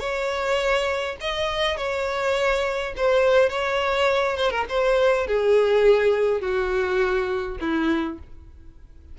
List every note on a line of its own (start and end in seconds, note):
0.00 1.17 C#5
1.21 1.78 D#5
1.78 2.94 C#5
2.97 3.50 C5
3.50 4.37 C#5
4.37 4.51 C5
4.51 4.65 A#4
4.70 5.27 C5
5.27 6.42 G#4
6.42 7.58 F#4
7.61 8.19 E4